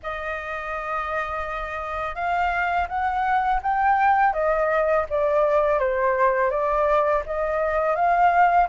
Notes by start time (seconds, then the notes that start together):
0.02 D#5
2.15 F5
2.88 F#5
3.62 G5
4.33 D#5
5.09 D5
5.79 C5
6.50 D5
7.26 D#5
7.95 F5